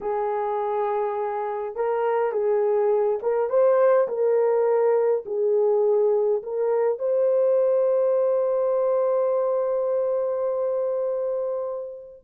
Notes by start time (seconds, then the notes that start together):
0.00 G#4
1.75 A#4
2.32 G#4
3.22 A#4
3.49 C5
4.08 A#4
5.25 G#4
6.42 A#4
6.98 C5